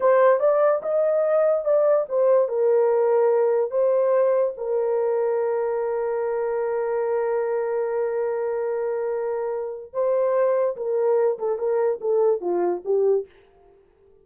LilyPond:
\new Staff \with { instrumentName = "horn" } { \time 4/4 \tempo 4 = 145 c''4 d''4 dis''2 | d''4 c''4 ais'2~ | ais'4 c''2 ais'4~ | ais'1~ |
ais'1~ | ais'1 | c''2 ais'4. a'8 | ais'4 a'4 f'4 g'4 | }